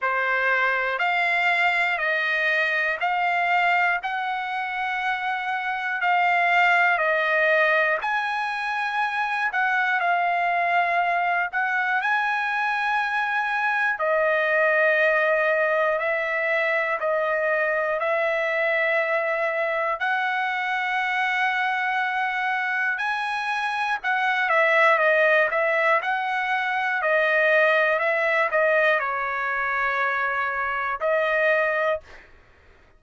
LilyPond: \new Staff \with { instrumentName = "trumpet" } { \time 4/4 \tempo 4 = 60 c''4 f''4 dis''4 f''4 | fis''2 f''4 dis''4 | gis''4. fis''8 f''4. fis''8 | gis''2 dis''2 |
e''4 dis''4 e''2 | fis''2. gis''4 | fis''8 e''8 dis''8 e''8 fis''4 dis''4 | e''8 dis''8 cis''2 dis''4 | }